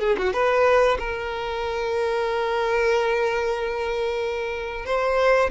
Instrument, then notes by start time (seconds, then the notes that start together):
violin
0.00 G#4
0.18 F#4
0.33 B4
0.99 A#4
4.86 C5